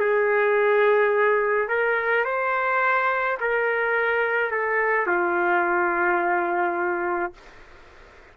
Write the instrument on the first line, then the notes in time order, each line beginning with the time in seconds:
trumpet
0.00 G#4
1.69 A#4
2.25 C5
3.41 A#4
4.51 A4
5.07 F4